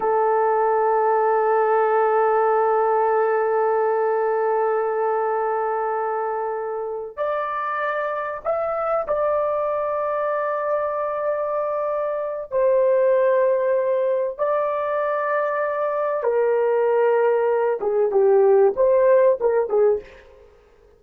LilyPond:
\new Staff \with { instrumentName = "horn" } { \time 4/4 \tempo 4 = 96 a'1~ | a'1~ | a'2.~ a'8 d''8~ | d''4. e''4 d''4.~ |
d''1 | c''2. d''4~ | d''2 ais'2~ | ais'8 gis'8 g'4 c''4 ais'8 gis'8 | }